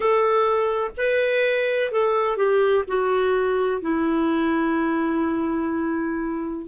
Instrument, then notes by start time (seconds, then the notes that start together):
clarinet
0.00 A4
0.97 B4
1.91 A4
2.36 G4
2.87 F#4
3.81 E4